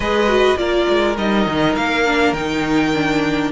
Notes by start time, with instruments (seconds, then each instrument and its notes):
0.00 cello G#3, viola G#4, violin B4 D#5
0.27 viola F#4
0.56 cello A#3, viola F4, violin A#4 D5
0.88 cello G#3
1.17 cello G3, viola D#4, violin D#5
1.46 cello D#3
1.75 cello A#3, violin F5
2.05 viola D4
2.32 cello D#3, viola D#4, violin G5
2.93 viola D4